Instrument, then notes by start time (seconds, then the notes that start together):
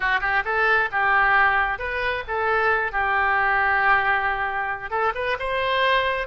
oboe
0.00 F#4
0.20 G4
0.44 A4
0.91 G4
1.78 B4
2.27 A4
2.92 G4
4.90 A4
5.14 B4
5.39 C5